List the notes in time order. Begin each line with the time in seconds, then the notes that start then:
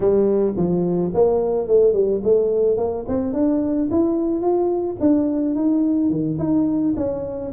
0.00 G3
0.56 F3
1.14 A#3
1.67 A3
1.93 G3
2.23 A3
2.77 A#3
3.08 C4
3.33 D4
3.90 E4
4.41 F4
5.00 D4
5.55 D#4
6.10 D#3
6.39 D#4
6.96 C#4